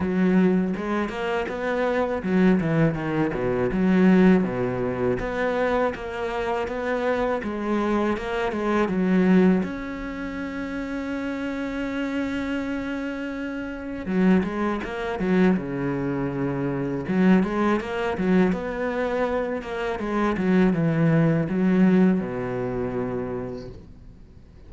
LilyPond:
\new Staff \with { instrumentName = "cello" } { \time 4/4 \tempo 4 = 81 fis4 gis8 ais8 b4 fis8 e8 | dis8 b,8 fis4 b,4 b4 | ais4 b4 gis4 ais8 gis8 | fis4 cis'2.~ |
cis'2. fis8 gis8 | ais8 fis8 cis2 fis8 gis8 | ais8 fis8 b4. ais8 gis8 fis8 | e4 fis4 b,2 | }